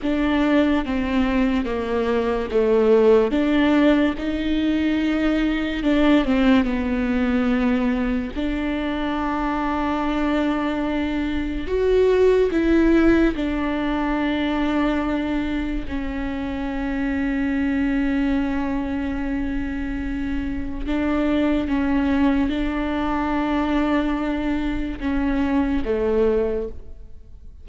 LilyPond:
\new Staff \with { instrumentName = "viola" } { \time 4/4 \tempo 4 = 72 d'4 c'4 ais4 a4 | d'4 dis'2 d'8 c'8 | b2 d'2~ | d'2 fis'4 e'4 |
d'2. cis'4~ | cis'1~ | cis'4 d'4 cis'4 d'4~ | d'2 cis'4 a4 | }